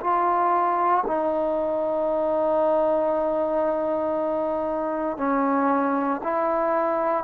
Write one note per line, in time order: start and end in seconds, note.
0.00 1.03 F4
1.07 5.17 D#4
5.17 6.20 C#4
6.23 7.24 E4